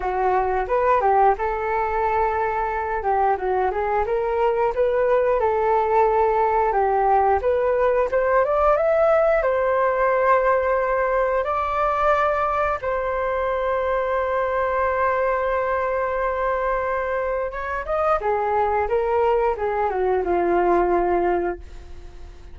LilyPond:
\new Staff \with { instrumentName = "flute" } { \time 4/4 \tempo 4 = 89 fis'4 b'8 g'8 a'2~ | a'8 g'8 fis'8 gis'8 ais'4 b'4 | a'2 g'4 b'4 | c''8 d''8 e''4 c''2~ |
c''4 d''2 c''4~ | c''1~ | c''2 cis''8 dis''8 gis'4 | ais'4 gis'8 fis'8 f'2 | }